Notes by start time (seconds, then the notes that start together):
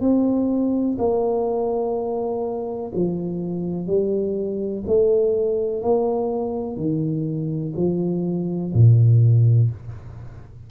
0.00 C4
0.98 A#3
2.95 F3
3.87 G3
4.87 A3
5.82 A#3
6.76 D#3
7.76 F3
8.74 A#2